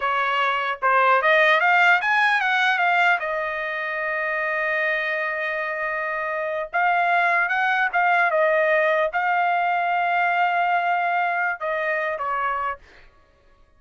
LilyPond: \new Staff \with { instrumentName = "trumpet" } { \time 4/4 \tempo 4 = 150 cis''2 c''4 dis''4 | f''4 gis''4 fis''4 f''4 | dis''1~ | dis''1~ |
dis''8. f''2 fis''4 f''16~ | f''8. dis''2 f''4~ f''16~ | f''1~ | f''4 dis''4. cis''4. | }